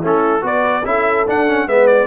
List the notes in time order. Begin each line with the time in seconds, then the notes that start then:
0.00 A3 C#4 E4 A4
0.41 B3 F#4 B4 D5
0.84 C#4 E4 A4 E5
1.27 D4 F#5
1.47 C#4
1.67 G#3 B3 B4 E5
1.87 D5